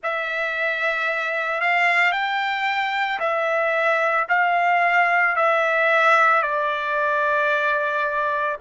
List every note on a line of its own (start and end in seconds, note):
0.03 1.61 E5
1.61 2.12 F5
2.12 3.19 G5
3.19 4.26 E5
4.29 5.36 F5
5.36 6.42 E5
6.42 8.56 D5